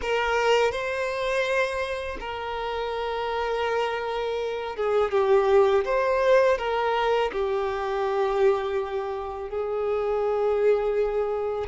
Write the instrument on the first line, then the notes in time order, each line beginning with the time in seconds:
violin
0.01 A#4
0.71 C5
2.20 A#4
4.76 G#4
5.11 G4
5.84 C5
6.58 A#4
7.32 G4
9.49 G#4